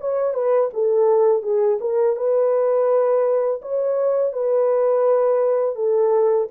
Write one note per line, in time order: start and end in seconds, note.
0.00 0.34 C#5
0.34 0.70 B4
0.73 1.42 A4
1.42 1.78 G#4
1.80 2.16 A#4
2.16 3.61 B4
3.62 4.32 C#5
4.32 5.75 B4
5.75 6.48 A4